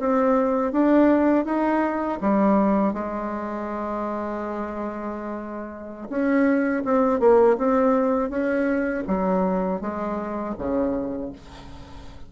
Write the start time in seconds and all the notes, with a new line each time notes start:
0.00 C4
0.73 D4
1.45 D#4
2.21 G3
2.94 G#3
6.10 C#4
6.85 C4
7.20 A#3
7.58 C4
8.30 C#4
9.08 F#3
9.81 G#3
10.59 C#3